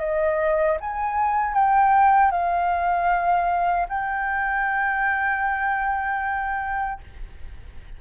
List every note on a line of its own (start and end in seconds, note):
0.00 0.78 D#5
0.81 1.54 G#5
1.54 2.32 G5
2.32 3.87 F5
3.89 7.01 G5